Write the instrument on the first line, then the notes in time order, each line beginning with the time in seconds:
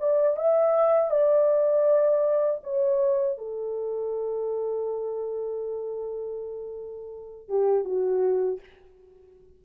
horn
0.00 D5
0.36 E5
1.10 D5
2.64 C#5
3.38 A4
7.49 G4
7.85 F#4